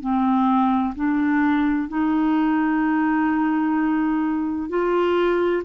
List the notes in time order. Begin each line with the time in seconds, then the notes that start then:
0.00 C4
0.95 D4
1.88 D#4
4.69 F4